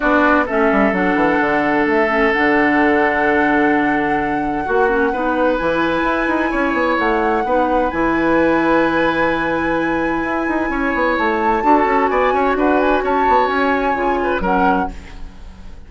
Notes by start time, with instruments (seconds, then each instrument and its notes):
0.00 bassoon B3, clarinet D4, oboe F#4, flute D5
0.45 bassoon A3, clarinet C#4, oboe A4, flute E5
0.71 bassoon G3
0.92 bassoon F#3, clarinet D4, flute F#5
1.15 bassoon E3
1.39 bassoon D3
1.85 bassoon A3, flute E5
2.08 clarinet C#4
2.32 bassoon D3, clarinet D4, flute F#5
4.65 bassoon A#3, oboe F#4, clarinet F#4
4.88 clarinet C#4
5.12 bassoon B3, clarinet D#4, oboe B4
5.56 bassoon E3, clarinet E4, flute G#5
6.03 bassoon E4
6.27 bassoon D#4
6.50 bassoon C#4, oboe C#5
6.73 bassoon B3
6.98 bassoon A3, flute F#5
7.44 bassoon B3, clarinet D#4, oboe B4
7.90 bassoon E3, clarinet E4, flute G#5
10.23 bassoon E4
10.48 bassoon D#4
10.69 bassoon C#4, oboe C#5
10.94 bassoon B3
11.17 bassoon A3, flute A5
11.62 bassoon D4, clarinet F#4, oboe A4
11.84 bassoon C#4
12.07 bassoon B3, oboe D5, flute G#5
12.32 bassoon C#4, oboe C#5
12.54 bassoon D4, oboe B4, flute F#5
12.80 flute G#5
13.03 bassoon C#4, oboe C#5, flute A5
13.28 bassoon B3
13.47 bassoon C#4, flute G#5
13.94 bassoon C#3, clarinet F4
14.23 oboe B4
14.40 bassoon F#3, clarinet C#4, oboe A#4, flute F#5